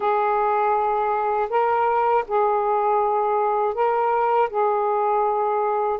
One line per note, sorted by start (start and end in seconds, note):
0.00 1.49 G#4
1.49 2.24 A#4
2.27 3.74 G#4
3.74 4.49 A#4
4.49 5.99 G#4